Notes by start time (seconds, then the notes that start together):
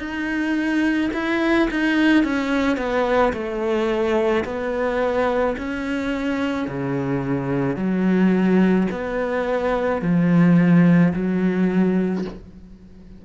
0.00 D#4
1.14 E4
1.71 D#4
2.24 C#4
2.77 B3
3.33 A3
4.45 B3
5.58 C#4
6.68 C#3
7.76 F#3
8.92 B3
10.02 F3
11.14 F#3